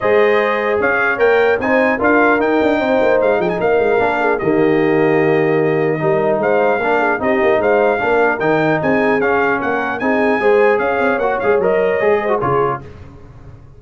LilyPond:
<<
  \new Staff \with { instrumentName = "trumpet" } { \time 4/4 \tempo 4 = 150 dis''2 f''4 g''4 | gis''4 f''4 g''2 | f''8 g''16 gis''16 f''2 dis''4~ | dis''1 |
f''2 dis''4 f''4~ | f''4 g''4 gis''4 f''4 | fis''4 gis''2 f''4 | fis''8 f''8 dis''2 cis''4 | }
  \new Staff \with { instrumentName = "horn" } { \time 4/4 c''2 cis''2 | c''4 ais'2 c''4~ | c''8 gis'8 ais'4. gis'8 g'4~ | g'2. ais'4 |
c''4 ais'8 gis'8 g'4 c''4 | ais'2 gis'2 | ais'4 gis'4 c''4 cis''4~ | cis''2~ cis''8 c''8 gis'4 | }
  \new Staff \with { instrumentName = "trombone" } { \time 4/4 gis'2. ais'4 | dis'4 f'4 dis'2~ | dis'2 d'4 ais4~ | ais2. dis'4~ |
dis'4 d'4 dis'2 | d'4 dis'2 cis'4~ | cis'4 dis'4 gis'2 | fis'8 gis'8 ais'4 gis'8. fis'16 f'4 | }
  \new Staff \with { instrumentName = "tuba" } { \time 4/4 gis2 cis'4 ais4 | c'4 d'4 dis'8 d'8 c'8 ais8 | gis8 f8 ais8 gis8 ais4 dis4~ | dis2. g4 |
gis4 ais4 c'8 ais8 gis4 | ais4 dis4 c'4 cis'4 | ais4 c'4 gis4 cis'8 c'8 | ais8 gis8 fis4 gis4 cis4 | }
>>